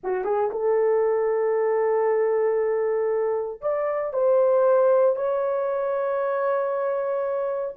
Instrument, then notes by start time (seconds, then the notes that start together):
horn
0.03 F#4
0.24 G#4
0.51 A4
3.61 D5
4.13 C5
5.16 C#5